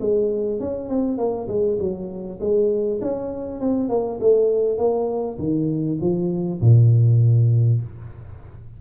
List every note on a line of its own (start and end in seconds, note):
0.00 0.60 G#3
0.60 0.89 C#4
0.89 1.18 C4
1.18 1.48 A#3
1.48 1.78 G#3
1.79 2.39 F#3
2.40 3.00 G#3
3.02 3.60 C#4
3.60 3.89 C4
3.89 4.19 A#3
4.20 4.78 A3
4.78 5.38 A#3
5.39 5.99 D#3
6.01 6.61 F3
6.61 7.81 A#2